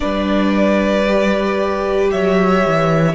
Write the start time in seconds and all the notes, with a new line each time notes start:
0.00 G3 D4 B4 D5
1.07 G4
2.11 F#3 C#5 E5
2.66 E3